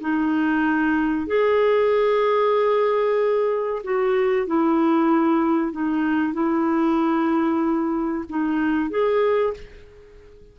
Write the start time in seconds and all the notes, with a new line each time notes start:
0.00 D#4
1.26 G#4
3.83 F#4
4.46 E4
5.72 D#4
6.33 E4
8.29 D#4
8.90 G#4